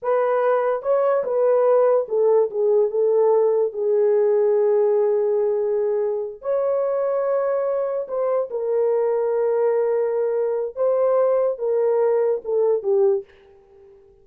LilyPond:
\new Staff \with { instrumentName = "horn" } { \time 4/4 \tempo 4 = 145 b'2 cis''4 b'4~ | b'4 a'4 gis'4 a'4~ | a'4 gis'2.~ | gis'2.~ gis'8 cis''8~ |
cis''2.~ cis''8 c''8~ | c''8 ais'2.~ ais'8~ | ais'2 c''2 | ais'2 a'4 g'4 | }